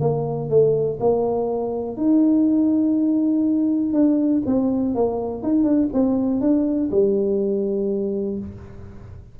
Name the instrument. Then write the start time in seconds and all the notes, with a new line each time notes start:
tuba
0.00 A#3
0.49 A3
1.00 A#3
1.97 D#4
3.93 D4
4.46 C4
4.95 A#3
5.43 D#4
5.64 D4
5.93 C4
6.40 D4
6.91 G3